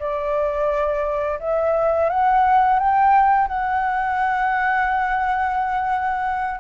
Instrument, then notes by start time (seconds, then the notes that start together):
flute
0.00 D5
1.40 E5
2.10 F#5
2.79 G5
3.48 F#5